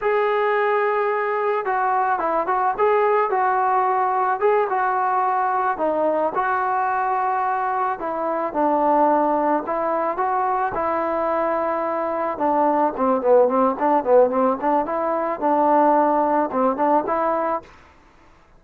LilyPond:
\new Staff \with { instrumentName = "trombone" } { \time 4/4 \tempo 4 = 109 gis'2. fis'4 | e'8 fis'8 gis'4 fis'2 | gis'8 fis'2 dis'4 fis'8~ | fis'2~ fis'8 e'4 d'8~ |
d'4. e'4 fis'4 e'8~ | e'2~ e'8 d'4 c'8 | b8 c'8 d'8 b8 c'8 d'8 e'4 | d'2 c'8 d'8 e'4 | }